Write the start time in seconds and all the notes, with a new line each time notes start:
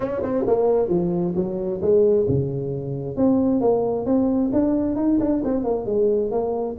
0.00 C#4
0.22 C4
0.46 A#3
0.88 F3
1.35 F#3
1.81 G#3
2.28 C#3
3.16 C4
3.60 A#3
4.05 C4
4.52 D4
4.96 D#4
5.20 D4
5.44 C4
5.64 A#3
5.86 G#3
6.31 A#3